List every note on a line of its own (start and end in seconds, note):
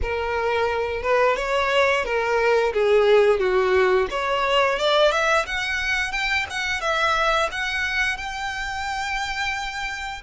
0.02 1.02 A#4
1.02 1.36 B4
1.36 2.04 C#5
2.05 2.73 A#4
2.73 3.39 G#4
3.39 4.07 F#4
4.10 4.78 C#5
4.78 5.11 D5
5.11 5.45 E5
5.45 6.12 F#5
6.12 6.46 G5
6.50 6.81 F#5
6.81 7.49 E5
7.51 8.17 F#5
8.17 10.21 G5